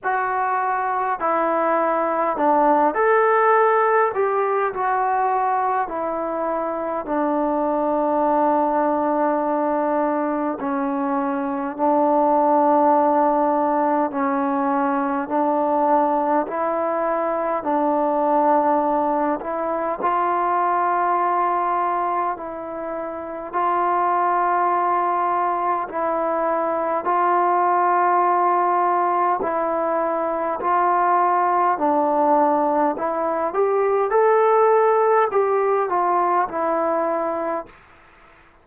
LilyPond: \new Staff \with { instrumentName = "trombone" } { \time 4/4 \tempo 4 = 51 fis'4 e'4 d'8 a'4 g'8 | fis'4 e'4 d'2~ | d'4 cis'4 d'2 | cis'4 d'4 e'4 d'4~ |
d'8 e'8 f'2 e'4 | f'2 e'4 f'4~ | f'4 e'4 f'4 d'4 | e'8 g'8 a'4 g'8 f'8 e'4 | }